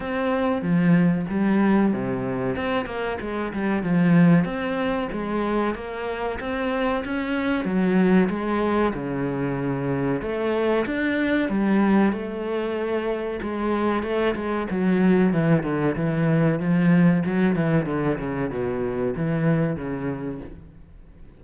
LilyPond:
\new Staff \with { instrumentName = "cello" } { \time 4/4 \tempo 4 = 94 c'4 f4 g4 c4 | c'8 ais8 gis8 g8 f4 c'4 | gis4 ais4 c'4 cis'4 | fis4 gis4 cis2 |
a4 d'4 g4 a4~ | a4 gis4 a8 gis8 fis4 | e8 d8 e4 f4 fis8 e8 | d8 cis8 b,4 e4 cis4 | }